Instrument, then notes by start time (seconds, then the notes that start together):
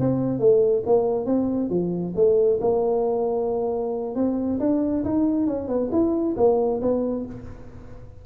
tuba
0.00 C4
0.40 A3
0.86 A#3
1.26 C4
1.70 F3
2.16 A3
2.61 A#3
4.16 C4
4.60 D4
5.05 D#4
5.47 C#4
5.69 B3
5.92 E4
6.37 A#3
6.82 B3